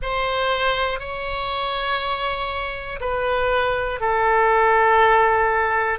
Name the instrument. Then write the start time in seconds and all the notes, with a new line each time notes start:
oboe
0.01 C5
0.99 C#5
3.00 B4
4.00 A4